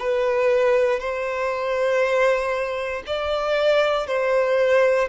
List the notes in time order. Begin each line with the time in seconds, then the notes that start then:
0.00 B4
1.00 C5
3.07 D5
4.07 C5